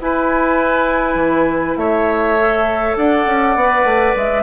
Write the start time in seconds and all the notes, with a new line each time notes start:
0.00 E4 B4 G#5
1.15 E3
1.77 A3 C#5 E5
2.40 A4
2.96 D4 D5 F#5
3.26 C#4
3.56 B3 B4
3.85 A3
4.16 G#3 E5